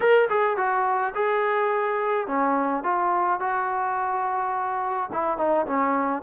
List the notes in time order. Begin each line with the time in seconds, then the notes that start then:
0.00 A#4
0.29 G#4
0.57 F#4
1.14 G#4
2.27 C#4
2.83 F4
3.40 F#4
5.12 E4
5.37 D#4
5.66 C#4